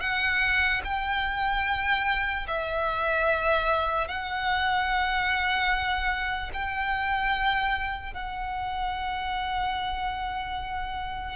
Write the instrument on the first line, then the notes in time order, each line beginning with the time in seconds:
violin
0.00 F#5
0.84 G5
2.48 E5
4.08 F#5
6.53 G5
8.14 F#5